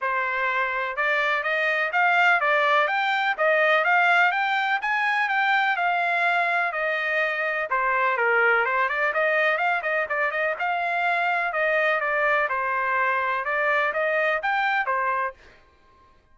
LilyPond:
\new Staff \with { instrumentName = "trumpet" } { \time 4/4 \tempo 4 = 125 c''2 d''4 dis''4 | f''4 d''4 g''4 dis''4 | f''4 g''4 gis''4 g''4 | f''2 dis''2 |
c''4 ais'4 c''8 d''8 dis''4 | f''8 dis''8 d''8 dis''8 f''2 | dis''4 d''4 c''2 | d''4 dis''4 g''4 c''4 | }